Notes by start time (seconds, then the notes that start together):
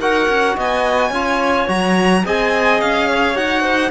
0.00 D#4 F#4 A#4 F#5
0.29 C#4
0.57 B3 D#5 G#5
1.11 C#4 F4 C#5
1.68 F#3 F#4 A#5
2.26 C4 G#4 D#5 G#5
2.81 C#4 F5
3.09 C#5
3.36 D#4 F#4 F#5
3.62 C5